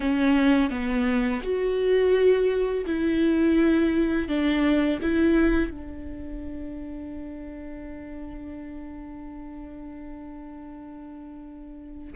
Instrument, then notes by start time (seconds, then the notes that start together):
viola
0.00 C#4
0.70 B3
1.42 F#4
2.86 E4
4.28 D4
5.02 E4
5.70 D4